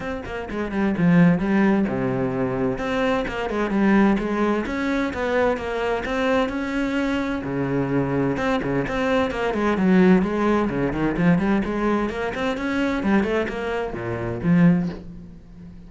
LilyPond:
\new Staff \with { instrumentName = "cello" } { \time 4/4 \tempo 4 = 129 c'8 ais8 gis8 g8 f4 g4 | c2 c'4 ais8 gis8 | g4 gis4 cis'4 b4 | ais4 c'4 cis'2 |
cis2 c'8 cis8 c'4 | ais8 gis8 fis4 gis4 cis8 dis8 | f8 g8 gis4 ais8 c'8 cis'4 | g8 a8 ais4 ais,4 f4 | }